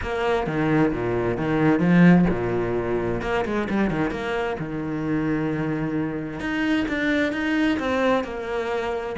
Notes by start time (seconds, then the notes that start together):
0.02 A#3
0.46 D#3
0.92 A#2
1.37 D#3
1.79 F3
2.29 A#2
3.21 A#3
3.45 G#3
3.69 G3
3.90 D#3
4.10 A#3
4.59 D#3
6.40 D#4
6.88 D4
7.32 D#4
7.79 C4
8.24 A#3